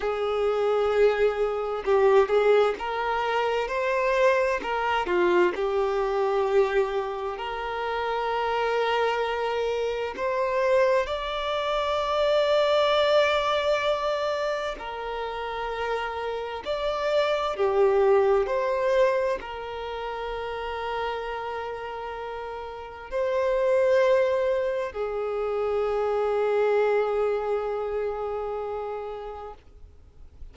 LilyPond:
\new Staff \with { instrumentName = "violin" } { \time 4/4 \tempo 4 = 65 gis'2 g'8 gis'8 ais'4 | c''4 ais'8 f'8 g'2 | ais'2. c''4 | d''1 |
ais'2 d''4 g'4 | c''4 ais'2.~ | ais'4 c''2 gis'4~ | gis'1 | }